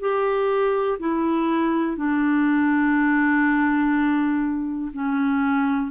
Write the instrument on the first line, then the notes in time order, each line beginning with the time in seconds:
clarinet
0.00 G4
0.99 E4
1.97 D4
4.93 C#4